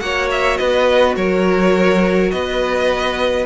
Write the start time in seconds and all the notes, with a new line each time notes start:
0.00 A#3 F#4 C#5 F#5
0.31 E5
0.57 B3 B4 D#5
1.17 F#3 A#4 C#5
2.31 B3 B4 D#5